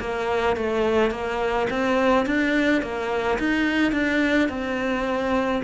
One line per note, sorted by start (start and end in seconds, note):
0.00 0.57 A#3
0.57 1.11 A3
1.11 1.67 A#3
1.70 2.26 C4
2.26 2.82 D4
2.82 3.39 A#3
3.39 3.92 D#4
3.92 4.49 D4
4.49 5.62 C4